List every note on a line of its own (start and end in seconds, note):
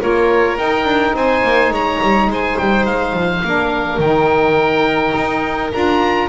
0.00 0.59 A#3
0.00 0.57 F4
0.00 1.16 A#4
0.00 0.58 C#5
0.57 3.43 D#4
0.57 0.85 D#4
0.57 1.15 G5
0.85 1.13 D4
1.14 1.42 C4
1.14 1.72 C5
1.14 1.74 G#5
1.43 1.71 A#3
1.71 1.99 G#3
1.71 2.30 C#5
1.71 2.31 A#5
2.02 2.27 G3
2.27 2.56 G#3
2.27 3.45 C5
2.34 2.58 G#5
2.58 2.87 G3
2.58 2.86 G5
2.86 3.14 G#3
2.86 4.00 F5
3.14 3.42 F3
3.44 3.99 A#3
3.44 4.02 D4
3.44 6.29 A#4
3.99 5.13 D#3
3.99 5.73 D#4
3.99 5.72 G5
5.16 5.73 D#4
5.73 6.29 D4
5.73 6.29 F4
5.73 6.29 A#5